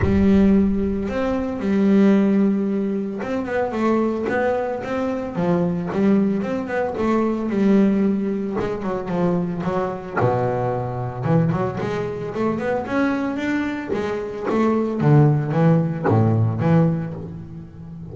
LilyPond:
\new Staff \with { instrumentName = "double bass" } { \time 4/4 \tempo 4 = 112 g2 c'4 g4~ | g2 c'8 b8 a4 | b4 c'4 f4 g4 | c'8 b8 a4 g2 |
gis8 fis8 f4 fis4 b,4~ | b,4 e8 fis8 gis4 a8 b8 | cis'4 d'4 gis4 a4 | d4 e4 a,4 e4 | }